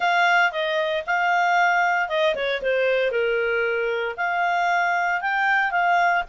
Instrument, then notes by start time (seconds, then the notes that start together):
clarinet
0.00 F5
0.51 D#5
1.06 F5
2.08 D#5
2.35 C#5
2.62 C5
3.11 A#4
4.16 F5
5.21 G5
5.71 F5